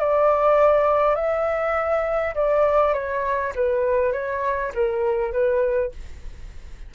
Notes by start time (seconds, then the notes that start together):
0.00 D5
1.16 E5
2.35 D5
2.94 C#5
3.56 B4
4.13 C#5
4.75 A#4
5.33 B4